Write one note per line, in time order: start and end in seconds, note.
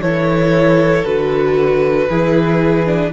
0.00 1.03 E3
0.00 1.05 E4
0.00 2.09 A4
0.00 1.05 C#5
1.05 2.08 D3
1.05 2.09 F#4
1.05 3.12 B4
2.09 3.12 E3
2.09 2.86 E4
2.09 3.12 G#4
2.86 3.12 D4